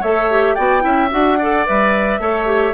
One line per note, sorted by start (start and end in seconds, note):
0.00 0.57 A3
0.00 0.30 A4
0.00 0.55 C#5
0.00 0.54 E5
0.30 0.57 G4
0.54 0.84 B3
0.54 0.80 F#4
0.54 0.82 D5
0.54 1.09 G5
0.80 1.11 C#4
0.80 1.08 E4
0.80 1.38 E5
1.10 1.67 D4
1.10 1.38 F#4
1.10 1.66 F#5
1.38 1.66 A4
1.38 2.20 D5
1.66 2.19 G3
1.66 2.20 B4
1.66 2.73 E5
2.19 2.73 A3
2.19 2.46 A4
2.19 2.73 C#5
2.46 2.73 G4